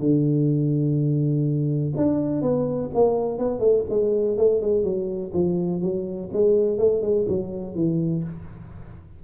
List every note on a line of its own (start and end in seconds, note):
0.00 1.94 D3
1.97 2.42 D4
2.42 2.91 B3
2.95 3.39 A#3
3.39 3.60 B3
3.60 3.84 A3
3.90 4.38 G#3
4.38 4.62 A3
4.62 4.84 G#3
4.84 5.32 F#3
5.34 5.82 F3
5.82 6.30 F#3
6.33 6.79 G#3
6.79 7.02 A3
7.02 7.26 G#3
7.28 7.76 F#3
7.76 8.24 E3